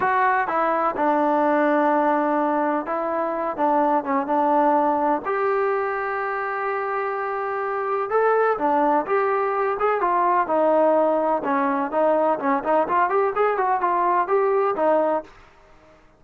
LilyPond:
\new Staff \with { instrumentName = "trombone" } { \time 4/4 \tempo 4 = 126 fis'4 e'4 d'2~ | d'2 e'4. d'8~ | d'8 cis'8 d'2 g'4~ | g'1~ |
g'4 a'4 d'4 g'4~ | g'8 gis'8 f'4 dis'2 | cis'4 dis'4 cis'8 dis'8 f'8 g'8 | gis'8 fis'8 f'4 g'4 dis'4 | }